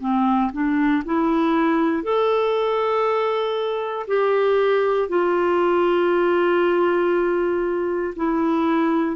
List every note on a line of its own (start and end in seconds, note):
0.00 0.51 C4
0.52 1.03 D4
1.05 2.03 E4
2.03 4.06 A4
4.07 5.09 G4
5.09 8.14 F4
8.16 9.16 E4